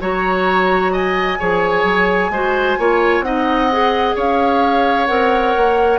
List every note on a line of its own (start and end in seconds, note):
0.00 1.38 F#3
0.00 1.39 F#4
0.00 0.92 C#5
0.00 0.94 A#5
0.92 1.38 D#5
0.92 3.22 G#5
1.39 1.84 F3
1.39 2.31 G#4
1.39 2.31 C#5
1.84 2.30 F#3
2.30 2.76 G#3
2.30 2.79 F#4
2.30 2.79 C5
2.79 3.21 A#3
2.79 3.24 F4
2.79 3.25 C#5
3.21 4.13 C4
3.21 3.70 D#4
3.21 4.15 D#5
3.21 4.15 F#5
3.71 5.07 G#4
4.15 5.09 C#4
4.15 5.99 C#5
4.15 5.07 F5
5.07 5.55 C4
5.07 5.99 A#4
5.07 5.99 F#5
5.56 5.99 A#3